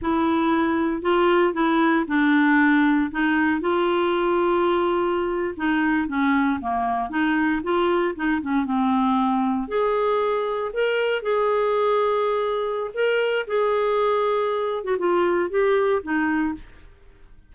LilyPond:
\new Staff \with { instrumentName = "clarinet" } { \time 4/4 \tempo 4 = 116 e'2 f'4 e'4 | d'2 dis'4 f'4~ | f'2~ f'8. dis'4 cis'16~ | cis'8. ais4 dis'4 f'4 dis'16~ |
dis'16 cis'8 c'2 gis'4~ gis'16~ | gis'8. ais'4 gis'2~ gis'16~ | gis'4 ais'4 gis'2~ | gis'8. fis'16 f'4 g'4 dis'4 | }